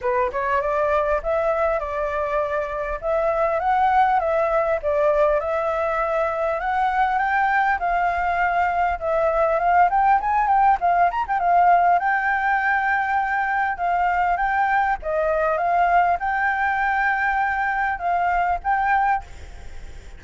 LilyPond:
\new Staff \with { instrumentName = "flute" } { \time 4/4 \tempo 4 = 100 b'8 cis''8 d''4 e''4 d''4~ | d''4 e''4 fis''4 e''4 | d''4 e''2 fis''4 | g''4 f''2 e''4 |
f''8 g''8 gis''8 g''8 f''8 ais''16 g''16 f''4 | g''2. f''4 | g''4 dis''4 f''4 g''4~ | g''2 f''4 g''4 | }